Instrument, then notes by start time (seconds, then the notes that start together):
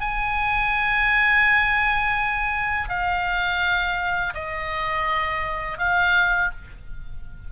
oboe
0.00 G#5
2.89 F5
4.34 D#5
5.78 F5